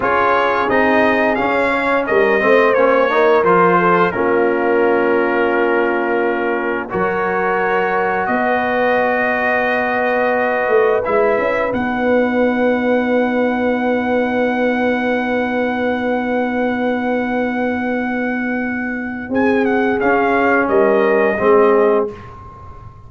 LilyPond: <<
  \new Staff \with { instrumentName = "trumpet" } { \time 4/4 \tempo 4 = 87 cis''4 dis''4 f''4 dis''4 | cis''4 c''4 ais'2~ | ais'2 cis''2 | dis''1 |
e''4 fis''2.~ | fis''1~ | fis''1 | gis''8 fis''8 f''4 dis''2 | }
  \new Staff \with { instrumentName = "horn" } { \time 4/4 gis'2~ gis'8 cis''8 ais'8 c''8~ | c''8 ais'4 a'8 f'2~ | f'2 ais'2 | b'1~ |
b'1~ | b'1~ | b'1 | gis'2 ais'4 gis'4 | }
  \new Staff \with { instrumentName = "trombone" } { \time 4/4 f'4 dis'4 cis'4. c'8 | cis'8 dis'8 f'4 cis'2~ | cis'2 fis'2~ | fis'1 |
e'4 dis'2.~ | dis'1~ | dis'1~ | dis'4 cis'2 c'4 | }
  \new Staff \with { instrumentName = "tuba" } { \time 4/4 cis'4 c'4 cis'4 g8 a8 | ais4 f4 ais2~ | ais2 fis2 | b2.~ b8 a8 |
gis8 cis'8 b2.~ | b1~ | b1 | c'4 cis'4 g4 gis4 | }
>>